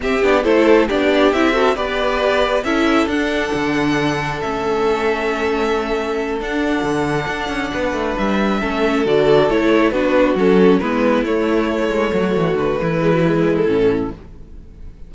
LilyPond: <<
  \new Staff \with { instrumentName = "violin" } { \time 4/4 \tempo 4 = 136 e''8 d''8 c''4 d''4 e''4 | d''2 e''4 fis''4~ | fis''2 e''2~ | e''2~ e''8 fis''4.~ |
fis''2~ fis''8 e''4.~ | e''8 d''4 cis''4 b'4 a'8~ | a'8 b'4 cis''2~ cis''8~ | cis''8 b'2~ b'16 a'4~ a'16 | }
  \new Staff \with { instrumentName = "violin" } { \time 4/4 g'4 a'4 g'4. a'8 | b'2 a'2~ | a'1~ | a'1~ |
a'4. b'2 a'8~ | a'2~ a'8 fis'4.~ | fis'8 e'2. fis'8~ | fis'4 e'2. | }
  \new Staff \with { instrumentName = "viola" } { \time 4/4 c'8 d'8 e'4 d'4 e'8 fis'8 | g'2 e'4 d'4~ | d'2 cis'2~ | cis'2~ cis'8 d'4.~ |
d'2.~ d'8 cis'8~ | cis'8 fis'4 e'4 d'4 cis'8~ | cis'8 b4 a2~ a8~ | a4. gis16 fis16 gis4 cis'4 | }
  \new Staff \with { instrumentName = "cello" } { \time 4/4 c'8 b8 a4 b4 c'4 | b2 cis'4 d'4 | d2 a2~ | a2~ a8 d'4 d8~ |
d8 d'8 cis'8 b8 a8 g4 a8~ | a8 d4 a4 b4 fis8~ | fis8 gis4 a4. gis8 fis8 | e8 d8 e2 a,4 | }
>>